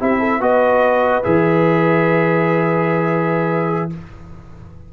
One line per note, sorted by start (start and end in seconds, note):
0.00 0.40 C4
0.00 0.41 E4
0.00 0.19 G4
0.00 0.42 E5
0.19 0.40 A4
0.40 1.22 B3
0.40 1.23 F#4
0.40 3.91 B4
0.40 1.24 D#5
1.23 3.93 E3
1.23 3.90 G#4
1.23 3.91 E5